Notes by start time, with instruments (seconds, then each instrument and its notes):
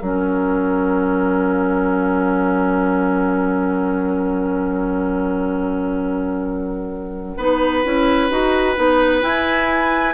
0.00 bassoon F#3, clarinet C#4, oboe A#4, flute F#5
7.37 bassoon B3, clarinet D#4, oboe B4
7.85 bassoon C#4, clarinet E4
8.30 bassoon D#4, clarinet F#4
8.76 bassoon B3, clarinet D#4
9.21 clarinet E4, bassoon E4, flute G#5